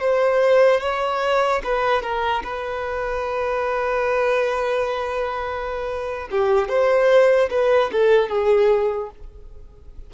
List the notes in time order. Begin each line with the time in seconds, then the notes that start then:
0.00 C5
0.81 C#5
1.64 B4
2.02 A#4
2.43 B4
6.31 G4
6.68 C5
7.50 B4
7.92 A4
8.29 G#4